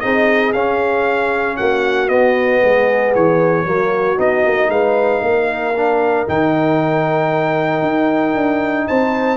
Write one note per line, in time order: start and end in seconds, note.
0.00 0.53 C4
0.00 0.54 D#4
0.00 1.57 G#4
0.00 0.52 D#5
0.53 1.58 C#4
0.53 2.09 C#4
0.53 1.57 F5
1.57 2.08 A#3
1.57 2.61 F#4
1.57 2.08 F#5
2.08 2.60 B3
2.08 3.65 B3
2.08 3.13 D#5
2.61 3.15 G#3
2.61 3.65 G#4
3.15 3.65 E3
3.15 4.19 C#5
3.65 4.17 F#3
3.65 4.17 A#3
3.65 4.70 F#4
4.17 4.44 B3
4.17 5.73 D#4
4.17 4.70 D#5
4.45 4.69 A#3
4.69 5.21 G#3
4.69 5.22 B4
4.69 6.27 F5
5.22 6.27 A#3
5.22 8.87 A#4
5.76 6.27 D4
6.27 7.82 D#3
6.27 9.37 D#4
6.27 8.88 G5
7.82 8.34 D#4
8.35 8.87 D4
8.87 9.37 C4
8.87 9.37 C5
8.87 9.37 A5